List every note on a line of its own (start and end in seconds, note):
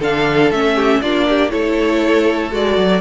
0.00 0.51 D3
0.00 0.53 D4
0.00 0.75 A4
0.00 0.51 F5
0.51 1.01 A3
0.51 1.04 C#4
0.51 1.02 E5
0.75 1.01 G4
1.02 1.52 A#3
1.02 1.50 D4
1.02 1.28 F4
1.02 1.51 D5
1.30 1.52 G4
1.50 2.52 A3
1.50 2.51 E4
1.50 3.02 A4
1.50 2.51 C#5
2.51 2.77 G#3
2.51 3.02 F#4
2.51 3.02 D5
2.77 3.02 F#3